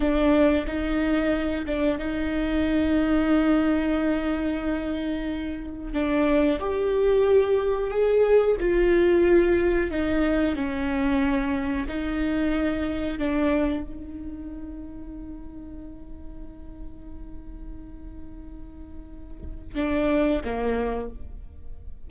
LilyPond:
\new Staff \with { instrumentName = "viola" } { \time 4/4 \tempo 4 = 91 d'4 dis'4. d'8 dis'4~ | dis'1~ | dis'4 d'4 g'2 | gis'4 f'2 dis'4 |
cis'2 dis'2 | d'4 dis'2.~ | dis'1~ | dis'2 d'4 ais4 | }